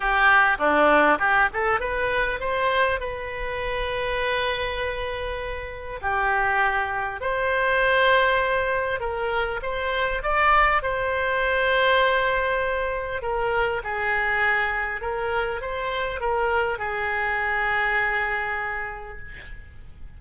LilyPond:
\new Staff \with { instrumentName = "oboe" } { \time 4/4 \tempo 4 = 100 g'4 d'4 g'8 a'8 b'4 | c''4 b'2.~ | b'2 g'2 | c''2. ais'4 |
c''4 d''4 c''2~ | c''2 ais'4 gis'4~ | gis'4 ais'4 c''4 ais'4 | gis'1 | }